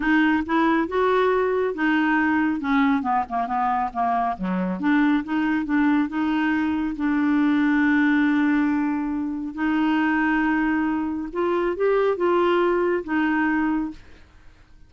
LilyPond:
\new Staff \with { instrumentName = "clarinet" } { \time 4/4 \tempo 4 = 138 dis'4 e'4 fis'2 | dis'2 cis'4 b8 ais8 | b4 ais4 fis4 d'4 | dis'4 d'4 dis'2 |
d'1~ | d'2 dis'2~ | dis'2 f'4 g'4 | f'2 dis'2 | }